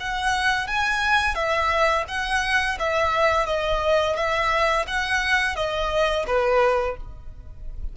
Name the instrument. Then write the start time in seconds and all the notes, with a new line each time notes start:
violin
0.00 F#5
0.67 G#5
1.34 E5
2.08 F#5
2.79 E5
3.46 D#5
4.16 E5
4.87 F#5
5.56 D#5
6.27 B4